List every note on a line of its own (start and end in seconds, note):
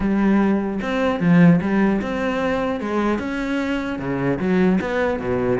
0.00 0.80 G3
0.81 1.20 C4
1.20 1.60 F3
1.61 2.01 G3
2.01 2.80 C4
2.80 3.19 G#3
3.19 3.98 C#4
3.98 4.38 C#3
4.39 4.79 F#3
4.81 5.19 B3
5.19 5.59 B2